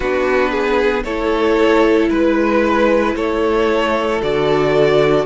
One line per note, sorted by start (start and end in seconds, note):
0.00 1.04 B3
0.00 1.06 D4
0.00 0.50 F#4
0.00 1.03 B4
0.50 1.03 G#4
1.04 2.09 A3
1.04 4.21 E4
1.04 2.09 A4
1.04 2.09 C#5
2.09 3.15 G#3
2.09 3.14 B4
2.09 3.16 B4
3.15 4.21 A3
3.15 5.25 A4
3.15 4.21 C#5
4.21 5.25 D3
4.21 5.25 F#4
4.21 5.25 D5